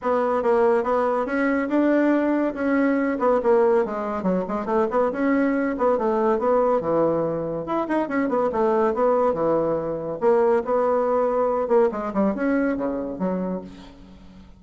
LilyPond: \new Staff \with { instrumentName = "bassoon" } { \time 4/4 \tempo 4 = 141 b4 ais4 b4 cis'4 | d'2 cis'4. b8 | ais4 gis4 fis8 gis8 a8 b8 | cis'4. b8 a4 b4 |
e2 e'8 dis'8 cis'8 b8 | a4 b4 e2 | ais4 b2~ b8 ais8 | gis8 g8 cis'4 cis4 fis4 | }